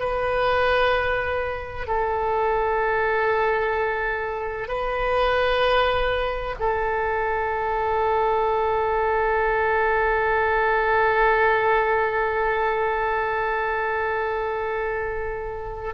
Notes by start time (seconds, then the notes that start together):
0.00 B4
1.87 A4
4.68 B4
6.60 A4